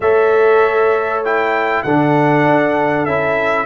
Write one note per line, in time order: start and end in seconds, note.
0.00 1.83 A3
0.00 1.25 A4
0.00 1.84 C#5
0.00 1.23 E5
1.24 1.86 E4
1.24 1.83 G5
1.83 2.45 D3
1.83 3.07 D4
1.83 3.65 A4
1.83 3.05 F#5
2.45 3.06 D4
3.05 3.65 C#4
3.05 3.65 E4
3.05 3.65 E5